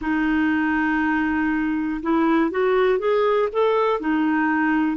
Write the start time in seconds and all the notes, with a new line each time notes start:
0.01 D#4
2.02 E4
2.50 F#4
2.99 G#4
3.52 A4
4.00 D#4